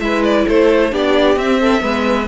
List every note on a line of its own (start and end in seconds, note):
0.00 0.46 G#3
0.00 0.91 E4
0.00 0.47 B4
0.00 0.23 E5
0.23 0.46 D5
0.47 0.92 A3
0.47 0.92 A4
0.47 0.94 C5
0.91 1.36 B3
0.91 1.37 D4
0.91 1.60 G4
0.91 1.38 D5
1.36 1.81 C4
1.36 1.80 C4
1.36 2.27 E5
1.61 1.83 A4
1.80 2.27 G#3
1.80 2.26 B3
1.80 2.27 B4